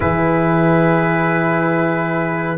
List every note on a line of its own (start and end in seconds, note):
0.00 2.57 E3
0.00 2.57 E4
0.00 2.57 G#4
0.00 2.57 B4